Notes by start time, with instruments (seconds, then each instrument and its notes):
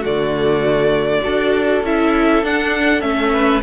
0.00 cello D3, viola A3, violin F#4 D5
1.21 cello D4, viola F#4, violin A4
1.83 cello C#4, viola E4, violin E5
2.43 cello D4, viola D4, violin F#5
3.01 cello A3, viola C#4, violin E5
3.33 violin B4